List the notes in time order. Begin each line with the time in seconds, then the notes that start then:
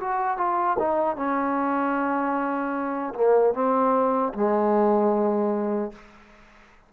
0.00 F#4
0.38 F4
0.79 D#4
1.17 C#4
3.15 A#3
3.54 C4
4.34 G#3